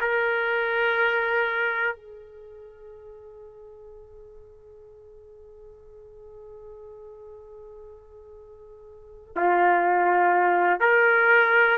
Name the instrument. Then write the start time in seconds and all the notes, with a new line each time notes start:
trumpet
0.00 A#4
1.95 G#4
9.35 F4
10.80 A#4